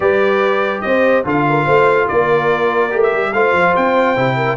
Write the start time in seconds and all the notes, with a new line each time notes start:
0.00 G3 G4 B4 D5
0.81 C4 C5 D#5
1.25 D3 F4 A4 F5
1.49 A#4
1.64 A3 C5
2.07 A#3 A#4 D5
2.90 A3 G4
3.02 E5
3.12 G3
3.33 A3 F4 C5 F5
3.52 F3
3.76 C4 G5
4.16 C3 E4
4.36 A#4